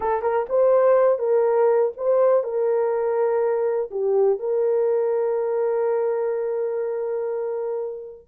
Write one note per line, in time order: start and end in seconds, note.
0.00 0.22 A4
0.22 0.46 A#4
0.49 1.18 C5
1.18 1.92 A#4
1.96 2.43 C5
2.43 3.89 A#4
3.90 4.39 G4
4.39 8.28 A#4